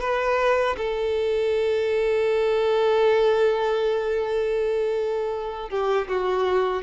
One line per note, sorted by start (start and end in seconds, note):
0.00 0.76 B4
0.77 5.70 A4
5.70 6.08 G4
6.08 6.83 F#4